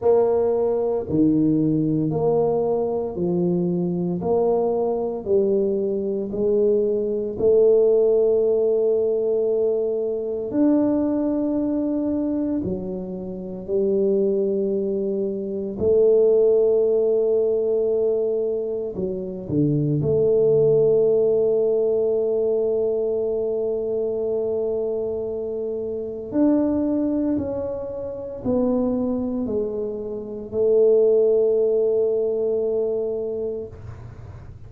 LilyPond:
\new Staff \with { instrumentName = "tuba" } { \time 4/4 \tempo 4 = 57 ais4 dis4 ais4 f4 | ais4 g4 gis4 a4~ | a2 d'2 | fis4 g2 a4~ |
a2 fis8 d8 a4~ | a1~ | a4 d'4 cis'4 b4 | gis4 a2. | }